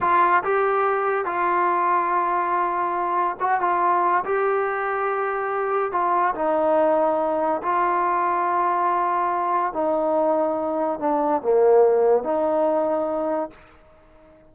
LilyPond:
\new Staff \with { instrumentName = "trombone" } { \time 4/4 \tempo 4 = 142 f'4 g'2 f'4~ | f'1 | fis'8 f'4. g'2~ | g'2 f'4 dis'4~ |
dis'2 f'2~ | f'2. dis'4~ | dis'2 d'4 ais4~ | ais4 dis'2. | }